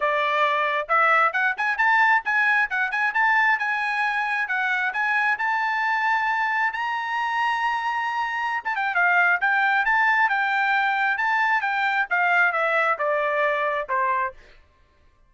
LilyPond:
\new Staff \with { instrumentName = "trumpet" } { \time 4/4 \tempo 4 = 134 d''2 e''4 fis''8 gis''8 | a''4 gis''4 fis''8 gis''8 a''4 | gis''2 fis''4 gis''4 | a''2. ais''4~ |
ais''2.~ ais''16 a''16 g''8 | f''4 g''4 a''4 g''4~ | g''4 a''4 g''4 f''4 | e''4 d''2 c''4 | }